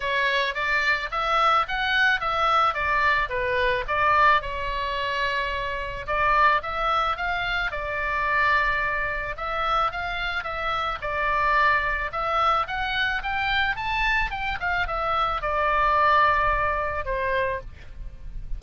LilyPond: \new Staff \with { instrumentName = "oboe" } { \time 4/4 \tempo 4 = 109 cis''4 d''4 e''4 fis''4 | e''4 d''4 b'4 d''4 | cis''2. d''4 | e''4 f''4 d''2~ |
d''4 e''4 f''4 e''4 | d''2 e''4 fis''4 | g''4 a''4 g''8 f''8 e''4 | d''2. c''4 | }